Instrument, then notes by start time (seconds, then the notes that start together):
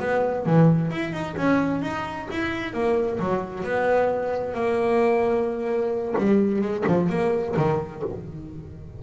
double bass
0.00 B3
0.46 E3
0.91 E4
1.13 D#4
1.37 C#4
1.82 D#4
2.31 E4
2.74 A#3
3.20 F#3
3.64 B3
4.54 A#3
6.18 G3
6.62 G#3
6.87 F3
7.10 A#3
7.57 D#3